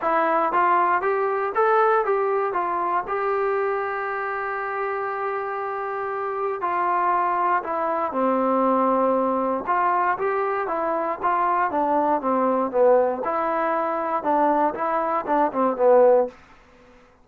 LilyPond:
\new Staff \with { instrumentName = "trombone" } { \time 4/4 \tempo 4 = 118 e'4 f'4 g'4 a'4 | g'4 f'4 g'2~ | g'1~ | g'4 f'2 e'4 |
c'2. f'4 | g'4 e'4 f'4 d'4 | c'4 b4 e'2 | d'4 e'4 d'8 c'8 b4 | }